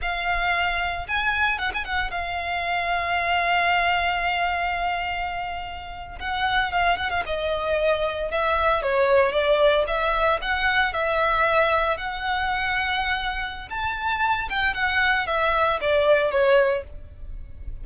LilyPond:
\new Staff \with { instrumentName = "violin" } { \time 4/4 \tempo 4 = 114 f''2 gis''4 fis''16 gis''16 fis''8 | f''1~ | f''2.~ f''8. fis''16~ | fis''8. f''8 fis''16 f''16 dis''2 e''16~ |
e''8. cis''4 d''4 e''4 fis''16~ | fis''8. e''2 fis''4~ fis''16~ | fis''2 a''4. g''8 | fis''4 e''4 d''4 cis''4 | }